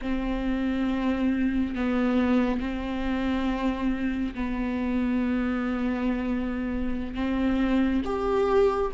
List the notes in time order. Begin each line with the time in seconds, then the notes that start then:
0.01 C4
1.75 B3
2.60 C4
4.34 B3
7.14 C4
8.04 G4